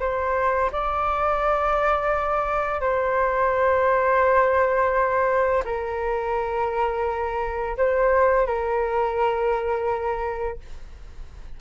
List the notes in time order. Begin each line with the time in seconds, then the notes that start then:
0.00 C5
0.73 D5
2.81 C5
5.65 A#4
7.77 C5
8.47 A#4